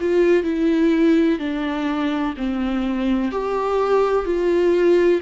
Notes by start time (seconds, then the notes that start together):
0.00 F4
0.43 E4
1.39 D4
2.37 C4
3.31 G4
4.25 F4